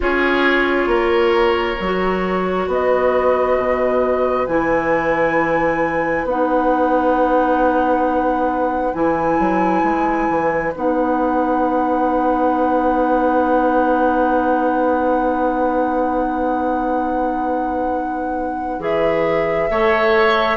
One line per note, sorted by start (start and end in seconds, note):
0.00 0.87 C#4
0.00 1.77 F4
0.00 0.89 G#4
0.00 2.70 C#5
0.87 1.76 A#3
0.87 2.67 A#4
1.80 2.67 F#3
1.80 4.48 F#4
2.67 3.57 B3
2.67 19.69 B4
2.67 4.46 D#5
3.57 4.46 B2
4.46 6.24 E3
4.46 6.27 E4
4.46 6.25 G#5
6.24 8.93 B3
6.24 8.93 D#4
6.24 8.93 F#5
8.93 9.39 E3
8.93 10.72 E4
8.93 10.73 G#5
9.39 9.83 F#3
9.83 10.28 G#3
10.29 10.74 E3
10.75 18.79 B3
10.75 18.80 D#4
10.75 18.82 F#5
18.79 19.68 E3
18.79 19.69 G#4
18.79 20.57 E5
19.70 20.57 A3
19.70 20.57 A4
19.70 20.57 C#5